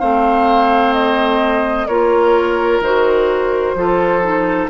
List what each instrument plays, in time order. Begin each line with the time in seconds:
0.00 bassoon A3, clarinet C4, oboe C5, flute F5
0.94 flute D#5
1.88 bassoon A#3, clarinet F4, oboe A#4, flute C#5
2.81 bassoon D#3, clarinet F#4, flute C5
3.75 bassoon F3, clarinet F4, oboe A4
4.23 clarinet D#4